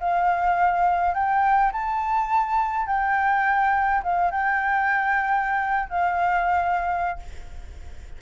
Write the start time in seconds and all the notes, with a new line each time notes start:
0.00 F5
1.14 G5
1.72 A5
2.87 G5
4.03 F5
4.31 G5
5.89 F5